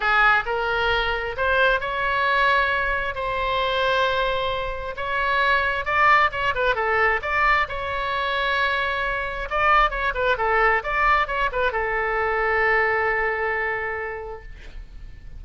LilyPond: \new Staff \with { instrumentName = "oboe" } { \time 4/4 \tempo 4 = 133 gis'4 ais'2 c''4 | cis''2. c''4~ | c''2. cis''4~ | cis''4 d''4 cis''8 b'8 a'4 |
d''4 cis''2.~ | cis''4 d''4 cis''8 b'8 a'4 | d''4 cis''8 b'8 a'2~ | a'1 | }